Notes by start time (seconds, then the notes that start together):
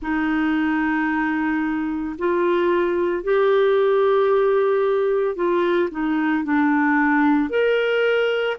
0.02 D#4
2.18 F4
3.23 G4
5.35 F4
5.90 D#4
6.43 D4
7.49 A#4